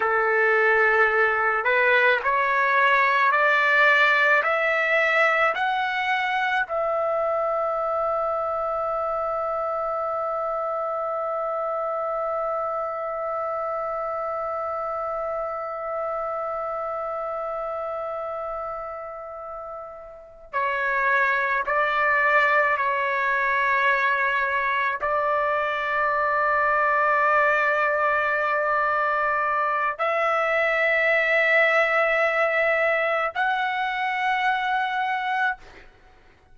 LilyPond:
\new Staff \with { instrumentName = "trumpet" } { \time 4/4 \tempo 4 = 54 a'4. b'8 cis''4 d''4 | e''4 fis''4 e''2~ | e''1~ | e''1~ |
e''2~ e''8 cis''4 d''8~ | d''8 cis''2 d''4.~ | d''2. e''4~ | e''2 fis''2 | }